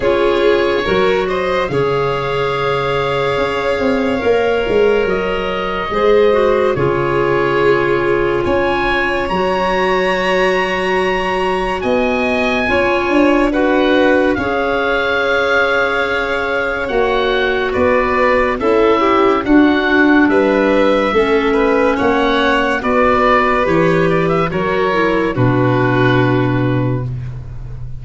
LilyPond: <<
  \new Staff \with { instrumentName = "oboe" } { \time 4/4 \tempo 4 = 71 cis''4. dis''8 f''2~ | f''2 dis''2 | cis''2 gis''4 ais''4~ | ais''2 gis''2 |
fis''4 f''2. | fis''4 d''4 e''4 fis''4 | e''2 fis''4 d''4 | cis''8 d''16 e''16 cis''4 b'2 | }
  \new Staff \with { instrumentName = "violin" } { \time 4/4 gis'4 ais'8 c''8 cis''2~ | cis''2. c''4 | gis'2 cis''2~ | cis''2 dis''4 cis''4 |
b'4 cis''2.~ | cis''4 b'4 a'8 g'8 fis'4 | b'4 a'8 b'8 cis''4 b'4~ | b'4 ais'4 fis'2 | }
  \new Staff \with { instrumentName = "clarinet" } { \time 4/4 f'4 fis'4 gis'2~ | gis'4 ais'2 gis'8 fis'8 | f'2. fis'4~ | fis'2. f'4 |
fis'4 gis'2. | fis'2 e'4 d'4~ | d'4 cis'2 fis'4 | g'4 fis'8 e'8 d'2 | }
  \new Staff \with { instrumentName = "tuba" } { \time 4/4 cis'4 fis4 cis2 | cis'8 c'8 ais8 gis8 fis4 gis4 | cis2 cis'4 fis4~ | fis2 b4 cis'8 d'8~ |
d'4 cis'2. | ais4 b4 cis'4 d'4 | g4 a4 ais4 b4 | e4 fis4 b,2 | }
>>